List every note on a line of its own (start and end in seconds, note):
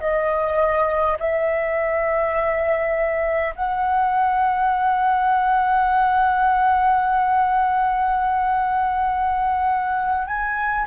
0.00 1.18 D#5
1.20 3.55 E5
3.56 10.27 F#5
10.27 10.86 G#5